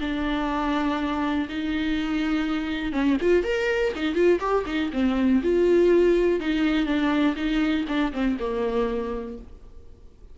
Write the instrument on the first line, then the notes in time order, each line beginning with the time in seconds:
viola
0.00 D4
1.48 D#4
2.92 C#4
3.21 F4
3.43 A#4
3.95 D#4
4.14 F4
4.39 G4
4.66 D#4
4.92 C4
5.42 F4
6.40 D#4
6.85 D4
7.36 D#4
7.88 D4
8.12 C4
8.39 A#3